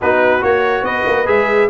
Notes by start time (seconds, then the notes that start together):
0.01 B3 D#4 F#4 B4
0.41 A#3 F#4 C#5
0.82 B3 B4 D#5
1.06 A#3
1.26 G#3 G#4 E5